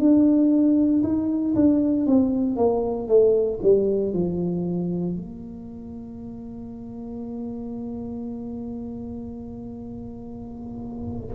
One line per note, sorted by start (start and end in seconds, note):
0.00 1.03 D4
1.03 1.55 D#4
1.56 2.07 D4
2.07 2.57 C4
2.57 3.08 A#3
3.08 3.60 A3
3.63 4.14 G3
4.14 5.17 F3
5.17 11.36 A#3